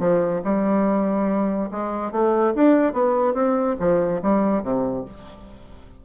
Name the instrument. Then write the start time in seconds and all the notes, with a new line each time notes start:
bassoon
0.00 F3
0.45 G3
1.71 G#3
2.12 A3
2.55 D4
2.94 B3
3.34 C4
3.80 F3
4.23 G3
4.64 C3